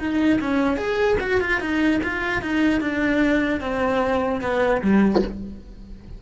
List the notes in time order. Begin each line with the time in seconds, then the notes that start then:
0.00 D#4
0.41 C#4
0.77 G#4
1.21 F#4
1.41 F4
1.61 D#4
2.04 F4
2.42 D#4
2.81 D4
3.61 C4
4.41 B3
4.82 G3